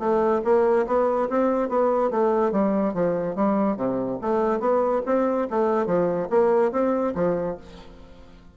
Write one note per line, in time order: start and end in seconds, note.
0.00 0.42 A3
0.45 0.87 A#3
0.87 1.29 B3
1.29 1.69 C4
1.69 2.11 B3
2.11 2.52 A3
2.52 2.94 G3
2.94 3.36 F3
3.36 3.77 G3
3.77 4.19 C3
4.22 4.60 A3
4.60 5.02 B3
5.06 5.48 C4
5.50 5.87 A3
5.87 6.29 F3
6.30 6.72 A#3
6.72 7.14 C4
7.16 7.58 F3